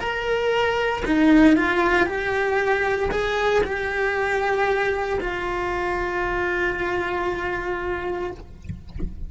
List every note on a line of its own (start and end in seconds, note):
0.00 1.03 A#4
1.05 1.56 D#4
1.56 2.06 F4
2.06 3.09 G4
3.11 3.63 G#4
3.63 5.18 G4
5.20 8.30 F4